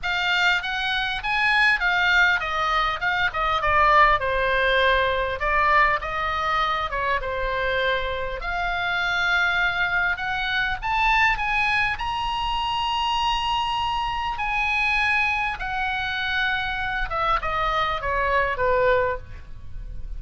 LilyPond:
\new Staff \with { instrumentName = "oboe" } { \time 4/4 \tempo 4 = 100 f''4 fis''4 gis''4 f''4 | dis''4 f''8 dis''8 d''4 c''4~ | c''4 d''4 dis''4. cis''8 | c''2 f''2~ |
f''4 fis''4 a''4 gis''4 | ais''1 | gis''2 fis''2~ | fis''8 e''8 dis''4 cis''4 b'4 | }